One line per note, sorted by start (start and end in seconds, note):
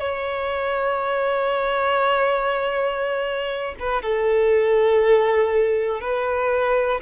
0.00 3.75 C#5
3.80 4.02 B4
4.02 6.01 A4
6.01 7.01 B4